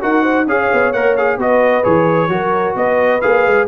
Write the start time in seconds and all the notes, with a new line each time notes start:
0.00 D#4 F#4 A#4 F#5
0.22 C5
0.46 C#4 G#4 C#5 F5
0.73 B3
0.93 A#3 A#4 F#5
1.16 G#4 F5
1.37 B3 F#4 B4 D#5
1.83 E3 G#4 C#5
2.28 F#3 F#4 A#4
2.75 B3 B4 D#5
3.21 A#3 G#4 F5
3.46 G#3